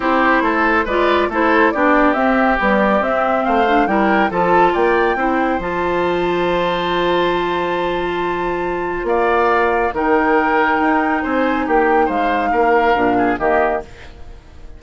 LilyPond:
<<
  \new Staff \with { instrumentName = "flute" } { \time 4/4 \tempo 4 = 139 c''2 d''4 c''4 | d''4 e''4 d''4 e''4 | f''4 g''4 a''4 g''4~ | g''4 a''2.~ |
a''1~ | a''4 f''2 g''4~ | g''2 gis''4 g''4 | f''2. dis''4 | }
  \new Staff \with { instrumentName = "oboe" } { \time 4/4 g'4 a'4 b'4 a'4 | g'1 | c''4 ais'4 a'4 d''4 | c''1~ |
c''1~ | c''4 d''2 ais'4~ | ais'2 c''4 g'4 | c''4 ais'4. gis'8 g'4 | }
  \new Staff \with { instrumentName = "clarinet" } { \time 4/4 e'2 f'4 e'4 | d'4 c'4 g4 c'4~ | c'8 d'8 e'4 f'2 | e'4 f'2.~ |
f'1~ | f'2. dis'4~ | dis'1~ | dis'2 d'4 ais4 | }
  \new Staff \with { instrumentName = "bassoon" } { \time 4/4 c'4 a4 gis4 a4 | b4 c'4 b4 c'4 | a4 g4 f4 ais4 | c'4 f2.~ |
f1~ | f4 ais2 dis4~ | dis4 dis'4 c'4 ais4 | gis4 ais4 ais,4 dis4 | }
>>